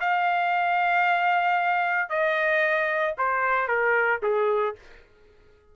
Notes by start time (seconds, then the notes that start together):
0.00 F5
2.09 D#5
3.18 C5
3.67 A#4
4.22 G#4